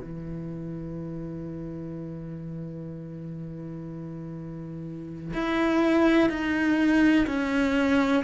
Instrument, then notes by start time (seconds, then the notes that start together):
cello
0.00 E3
5.34 E4
6.29 D#4
7.26 C#4